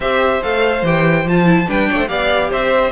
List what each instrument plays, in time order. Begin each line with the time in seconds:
0.00 cello C4, viola G4, violin C5 E5
0.42 cello A3, viola A4, violin F5
0.82 cello E3, viola G4, violin G5
1.24 cello F3, viola F4, violin A5
1.45 viola E4
1.66 cello G3, viola D4, violin B4 G5
1.90 cello A3, violin C#5
1.98 violin C5
2.07 cello B3, viola G4, violin D5 F5
2.49 cello C4, violin C5 E5